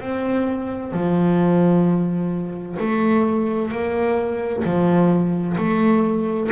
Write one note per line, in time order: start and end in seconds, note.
0.00 0.92 C4
0.93 2.77 F3
2.79 3.71 A3
3.71 4.64 A#3
4.64 5.57 F3
5.57 6.50 A3